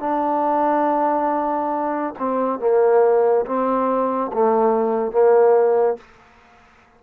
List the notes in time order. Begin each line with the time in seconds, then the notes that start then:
0.00 D4
2.19 C4
2.60 A#3
3.46 C4
4.33 A3
5.12 A#3